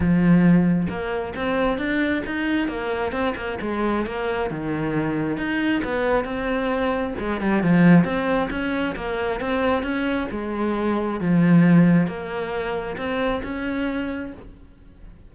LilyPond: \new Staff \with { instrumentName = "cello" } { \time 4/4 \tempo 4 = 134 f2 ais4 c'4 | d'4 dis'4 ais4 c'8 ais8 | gis4 ais4 dis2 | dis'4 b4 c'2 |
gis8 g8 f4 c'4 cis'4 | ais4 c'4 cis'4 gis4~ | gis4 f2 ais4~ | ais4 c'4 cis'2 | }